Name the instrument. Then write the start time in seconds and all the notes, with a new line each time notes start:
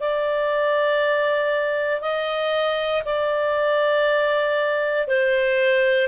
clarinet
0.00 D5
2.01 D#5
3.05 D5
5.08 C5